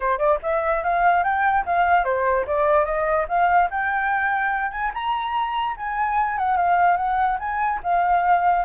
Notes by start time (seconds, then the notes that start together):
0.00 C5
0.18 D5
0.42 E5
0.83 F5
1.23 G5
1.65 F5
2.04 C5
2.46 D5
2.85 D#5
3.28 F5
3.70 G5
4.71 G#5
4.94 A#5
5.76 G#5
6.37 F#5
6.56 F5
6.97 F#5
7.39 G#5
7.83 F5